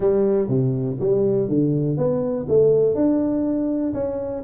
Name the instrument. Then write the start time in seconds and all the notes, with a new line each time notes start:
tuba
0.00 G3
0.48 C3
1.00 G3
1.48 D3
1.97 B3
2.48 A3
2.94 D4
3.93 C#4